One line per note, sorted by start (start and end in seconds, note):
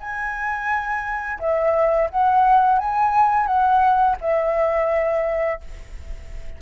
0.00 1.40 G#5
1.40 2.10 E5
2.11 2.79 F#5
2.79 3.47 G#5
3.47 4.17 F#5
4.21 5.61 E5